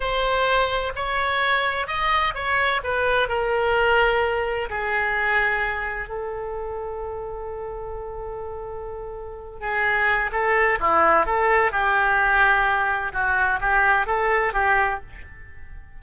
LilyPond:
\new Staff \with { instrumentName = "oboe" } { \time 4/4 \tempo 4 = 128 c''2 cis''2 | dis''4 cis''4 b'4 ais'4~ | ais'2 gis'2~ | gis'4 a'2.~ |
a'1~ | a'8 gis'4. a'4 e'4 | a'4 g'2. | fis'4 g'4 a'4 g'4 | }